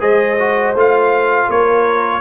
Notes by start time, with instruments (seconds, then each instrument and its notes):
0.00 tuba G#3, trombone G#4, horn C5, trumpet D#5
0.39 trombone F#4
0.75 tuba A3, trombone F4, trumpet F5
1.49 tuba A#3, horn A#4, trumpet C#5